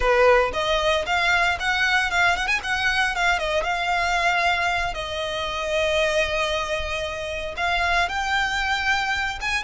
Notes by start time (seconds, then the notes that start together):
0.00 B4
0.53 D#5
1.06 F5
1.59 F#5
2.11 F5
2.36 F#5
2.47 G#5
2.63 F#5
3.15 F5
3.38 D#5
3.63 F5
4.94 D#5
7.57 F5
8.08 G5
9.40 G#5